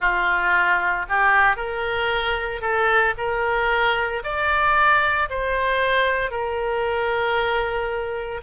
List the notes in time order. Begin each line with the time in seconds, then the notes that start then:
0.00 F4
1.09 G4
1.56 A#4
2.61 A4
3.17 A#4
4.23 D5
5.29 C5
6.30 A#4